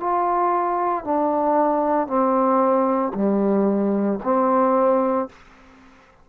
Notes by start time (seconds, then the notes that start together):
0.00 F4
1.04 D4
2.07 C4
3.14 G3
4.23 C4